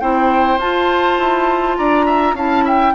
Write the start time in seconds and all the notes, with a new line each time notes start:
0.00 C4 E4 C5 G5
0.58 F4 A5
1.18 E4
1.77 D4 D5 A#5
2.05 E5
2.33 C#4 E4 F5 A5
2.64 E5 G5